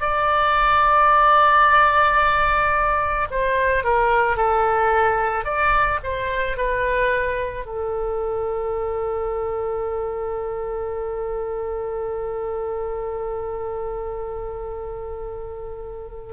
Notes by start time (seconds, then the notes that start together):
0.00 D5
3.30 C5
3.84 A#4
4.36 A4
5.44 D5
6.03 C5
6.57 B4
7.65 A4